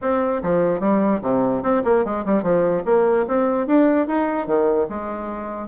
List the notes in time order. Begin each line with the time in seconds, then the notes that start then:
0.01 C4
0.42 F3
0.80 G3
1.22 C3
1.62 C4
1.84 A#3
2.04 G#3
2.25 G3
2.42 F3
2.85 A#3
3.27 C4
3.66 D4
4.07 D#4
4.46 D#3
4.89 G#3